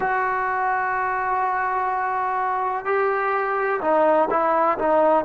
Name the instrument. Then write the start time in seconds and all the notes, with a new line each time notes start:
trombone
0.00 F#4
2.85 G4
3.81 D#4
4.30 E4
4.78 D#4